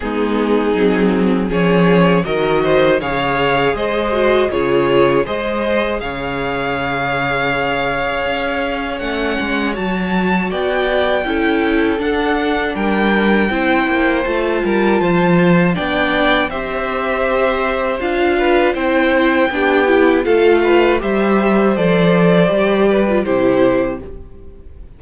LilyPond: <<
  \new Staff \with { instrumentName = "violin" } { \time 4/4 \tempo 4 = 80 gis'2 cis''4 dis''4 | f''4 dis''4 cis''4 dis''4 | f''1 | fis''4 a''4 g''2 |
fis''4 g''2 a''4~ | a''4 g''4 e''2 | f''4 g''2 f''4 | e''4 d''2 c''4 | }
  \new Staff \with { instrumentName = "violin" } { \time 4/4 dis'2 gis'4 ais'8 c''8 | cis''4 c''4 gis'4 c''4 | cis''1~ | cis''2 d''4 a'4~ |
a'4 ais'4 c''4. ais'8 | c''4 d''4 c''2~ | c''8 b'8 c''4 g'4 a'8 b'8 | c''2~ c''8 b'8 g'4 | }
  \new Staff \with { instrumentName = "viola" } { \time 4/4 b4 c'4 cis'4 fis'4 | gis'4. fis'8 f'4 gis'4~ | gis'1 | cis'4 fis'2 e'4 |
d'2 e'4 f'4~ | f'4 d'4 g'2 | f'4 e'4 d'8 e'8 f'4 | g'4 a'4 g'8. f'16 e'4 | }
  \new Staff \with { instrumentName = "cello" } { \time 4/4 gis4 fis4 f4 dis4 | cis4 gis4 cis4 gis4 | cis2. cis'4 | a8 gis8 fis4 b4 cis'4 |
d'4 g4 c'8 ais8 a8 g8 | f4 b4 c'2 | d'4 c'4 b4 a4 | g4 f4 g4 c4 | }
>>